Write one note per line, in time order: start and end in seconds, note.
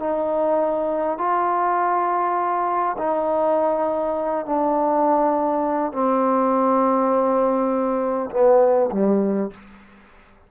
0.00 1.18 D#4
1.18 2.96 F4
2.98 4.46 D#4
4.46 5.92 D4
5.92 8.30 C4
8.31 8.90 B3
8.92 9.51 G3